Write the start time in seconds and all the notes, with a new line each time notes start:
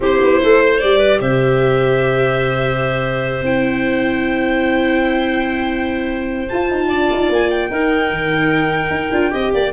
0.00 C4 E4 G4 C5
0.22 B3
0.42 A3 A4
0.62 C5
0.79 G3 G4 D5
0.98 B4
1.20 C3 C5 E5
3.41 C4 E4 G5
6.48 F4 A5
6.70 D#4
6.88 D4 D5
7.11 D#4
7.29 A#3 G#5
7.50 G5
7.70 D#4 A#4
8.10 D#3
8.90 D#4
9.12 D4 F4
9.30 C4 G4 D#5
9.53 A#3 D5